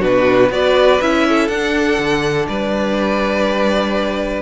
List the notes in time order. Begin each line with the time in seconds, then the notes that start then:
0.00 B2 D4 F#4 B4
0.50 B3 F#4 B4 D5
1.01 C#4 E4 E5
1.28 A4
1.47 D4 F#5
1.98 D3
2.47 G3 B4 D5